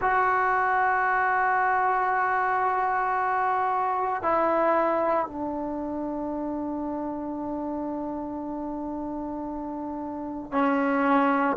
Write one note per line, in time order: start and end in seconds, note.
0.01 4.22 F#4
4.22 5.26 E4
5.26 10.51 D4
10.51 11.56 C#4